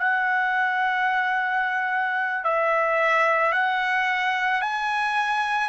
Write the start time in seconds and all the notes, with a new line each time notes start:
0.00 F#5
2.45 E5
3.53 F#5
4.62 G#5